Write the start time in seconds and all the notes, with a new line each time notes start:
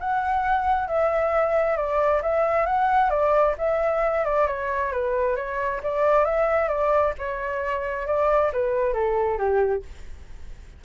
0.00 F#5
0.88 E5
1.77 D5
2.23 E5
2.66 F#5
3.10 D5
3.58 E5
4.25 D5
4.47 C#5
4.92 B4
5.36 C#5
5.83 D5
6.25 E5
6.69 D5
7.19 C#5
8.07 D5
8.53 B4
8.93 A4
9.38 G4